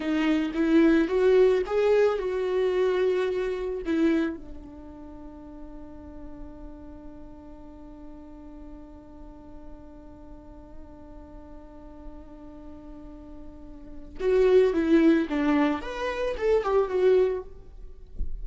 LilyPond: \new Staff \with { instrumentName = "viola" } { \time 4/4 \tempo 4 = 110 dis'4 e'4 fis'4 gis'4 | fis'2. e'4 | d'1~ | d'1~ |
d'1~ | d'1~ | d'2 fis'4 e'4 | d'4 b'4 a'8 g'8 fis'4 | }